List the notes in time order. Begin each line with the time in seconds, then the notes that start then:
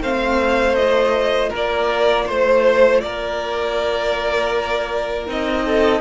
0.00 A3 C4 C5 F5
0.75 F4 D#5
1.49 A#3 A#4
1.56 D5
2.26 A3 C5
3.01 A#3 A#4 D5
5.26 C4 D#4 D#5
5.64 A4